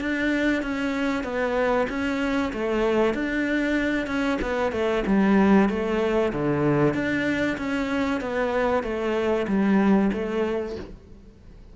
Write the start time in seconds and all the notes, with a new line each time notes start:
0.00 D4
0.62 C#4
1.23 B3
1.89 C#4
2.53 A3
3.14 D4
4.07 C#4
4.41 B3
4.72 A3
5.06 G3
5.69 A3
6.33 D3
6.94 D4
7.57 C#4
8.20 B3
8.83 A3
9.47 G3
10.12 A3